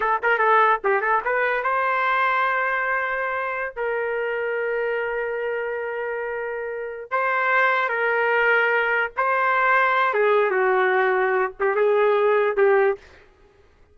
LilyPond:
\new Staff \with { instrumentName = "trumpet" } { \time 4/4 \tempo 4 = 148 a'8 ais'8 a'4 g'8 a'8 b'4 | c''1~ | c''4~ c''16 ais'2~ ais'8.~ | ais'1~ |
ais'4. c''2 ais'8~ | ais'2~ ais'8 c''4.~ | c''4 gis'4 fis'2~ | fis'8 g'8 gis'2 g'4 | }